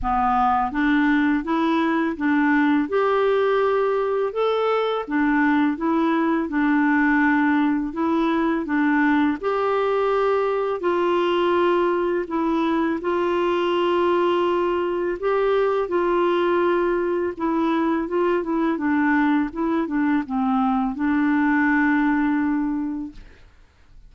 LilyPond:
\new Staff \with { instrumentName = "clarinet" } { \time 4/4 \tempo 4 = 83 b4 d'4 e'4 d'4 | g'2 a'4 d'4 | e'4 d'2 e'4 | d'4 g'2 f'4~ |
f'4 e'4 f'2~ | f'4 g'4 f'2 | e'4 f'8 e'8 d'4 e'8 d'8 | c'4 d'2. | }